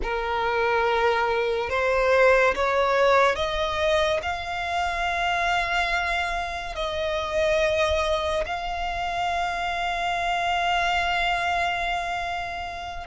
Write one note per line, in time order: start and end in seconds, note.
0.02 1.69 A#4
1.69 2.54 C5
2.55 3.35 C#5
3.35 4.20 D#5
4.22 6.75 F5
6.75 8.44 D#5
8.45 13.07 F5